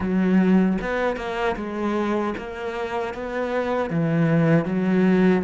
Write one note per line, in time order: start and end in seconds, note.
0.00 0.78 F#3
0.81 1.16 B3
1.16 1.55 A#3
1.55 2.33 G#3
2.37 3.14 A#3
3.14 3.90 B3
3.90 4.65 E3
4.65 5.43 F#3